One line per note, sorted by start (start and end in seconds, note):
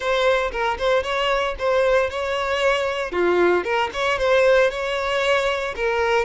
0.00 0.51 C5
0.51 0.77 A#4
0.78 1.03 C5
1.03 1.55 C#5
1.58 2.10 C5
2.10 3.11 C#5
3.11 3.64 F4
3.64 3.90 A#4
3.93 4.18 C#5
4.18 4.70 C5
4.70 5.74 C#5
5.76 6.25 A#4